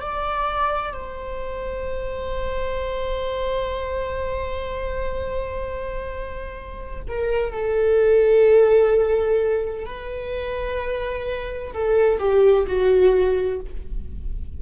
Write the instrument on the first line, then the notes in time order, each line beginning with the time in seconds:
viola
0.00 D5
0.93 C5
7.08 A#4
7.52 A4
9.86 B4
11.74 A4
12.18 G4
12.66 F#4